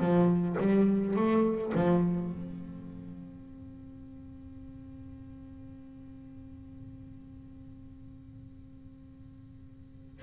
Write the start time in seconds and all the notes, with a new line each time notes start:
0.00 F3
0.60 G3
1.16 A3
1.74 F3
2.31 C4